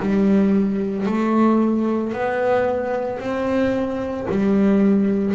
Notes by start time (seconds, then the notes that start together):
0.00 G3
1.07 A3
2.13 B3
3.20 C4
4.31 G3